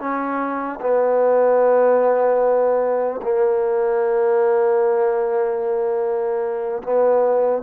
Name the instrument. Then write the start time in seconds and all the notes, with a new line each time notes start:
trombone
0.00 C#4
0.81 B3
3.23 A#3
6.84 B3